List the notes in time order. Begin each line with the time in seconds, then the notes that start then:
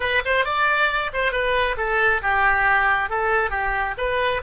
0.00 B4
0.25 C5
0.45 D5
1.13 C5
1.31 B4
1.77 A4
2.22 G4
3.09 A4
3.50 G4
3.97 B4